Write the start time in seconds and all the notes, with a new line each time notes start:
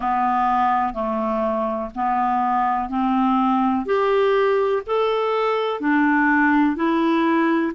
0.00 B3
0.93 A3
1.95 B3
2.89 C4
3.85 G4
4.86 A4
5.80 D4
6.75 E4